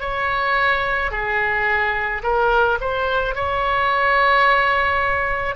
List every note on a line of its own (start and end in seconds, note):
0.00 1.11 C#5
1.11 2.22 G#4
2.23 2.78 A#4
2.80 3.35 C5
3.35 5.56 C#5